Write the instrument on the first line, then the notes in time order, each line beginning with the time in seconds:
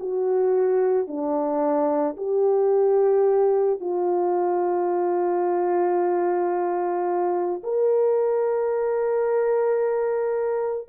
horn
0.00 F#4
1.08 D4
2.18 G4
3.81 F4
7.64 A#4